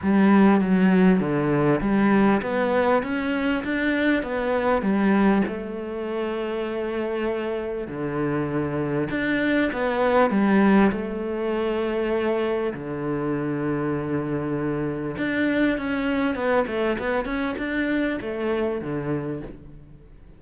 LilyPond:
\new Staff \with { instrumentName = "cello" } { \time 4/4 \tempo 4 = 99 g4 fis4 d4 g4 | b4 cis'4 d'4 b4 | g4 a2.~ | a4 d2 d'4 |
b4 g4 a2~ | a4 d2.~ | d4 d'4 cis'4 b8 a8 | b8 cis'8 d'4 a4 d4 | }